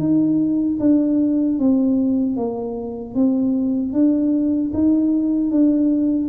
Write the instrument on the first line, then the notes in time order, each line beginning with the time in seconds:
tuba
0.00 D#4
0.80 D4
1.60 C4
2.37 A#3
3.15 C4
3.93 D4
4.74 D#4
5.52 D4